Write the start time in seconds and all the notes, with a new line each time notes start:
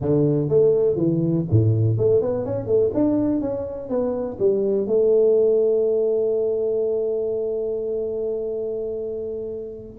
0.00 D3
0.49 A3
0.96 E3
1.50 A2
1.97 A3
2.21 B3
2.45 C#4
2.66 A3
2.94 D4
3.41 C#4
3.89 B3
4.39 G3
4.86 A3